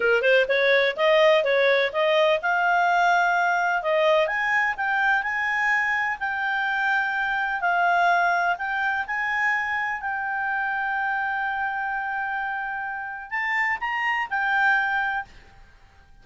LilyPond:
\new Staff \with { instrumentName = "clarinet" } { \time 4/4 \tempo 4 = 126 ais'8 c''8 cis''4 dis''4 cis''4 | dis''4 f''2. | dis''4 gis''4 g''4 gis''4~ | gis''4 g''2. |
f''2 g''4 gis''4~ | gis''4 g''2.~ | g''1 | a''4 ais''4 g''2 | }